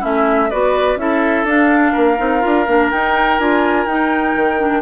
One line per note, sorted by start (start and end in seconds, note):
0.00 0.52 A3
0.00 0.49 C#4
0.00 0.48 E4
0.00 0.50 E5
0.50 0.96 B3
0.50 0.98 F#4
0.50 0.99 B4
0.50 0.98 D5
0.96 1.44 C#4
0.96 1.46 E4
0.96 1.93 A4
0.96 1.47 E5
1.44 1.92 D4
1.44 2.18 D4
1.44 2.91 F5
1.93 2.19 A#3
1.93 4.81 A#4
2.18 2.43 C4
2.18 2.41 D#4
2.41 2.68 D4
2.41 2.65 F4
2.68 2.92 A#3
2.68 2.92 D4
2.91 3.40 D#4
2.91 3.39 D#4
2.91 3.39 G5
3.39 3.86 D4
3.39 3.88 F4
3.39 3.87 G#5
3.86 4.34 D#4
3.86 4.59 D#4
3.86 4.82 G5
4.36 4.82 D#3
4.59 4.82 D4